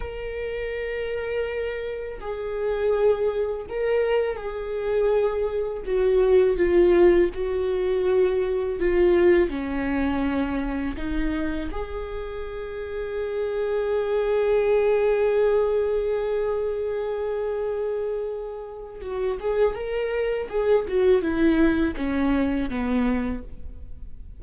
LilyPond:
\new Staff \with { instrumentName = "viola" } { \time 4/4 \tempo 4 = 82 ais'2. gis'4~ | gis'4 ais'4 gis'2 | fis'4 f'4 fis'2 | f'4 cis'2 dis'4 |
gis'1~ | gis'1~ | gis'2 fis'8 gis'8 ais'4 | gis'8 fis'8 e'4 cis'4 b4 | }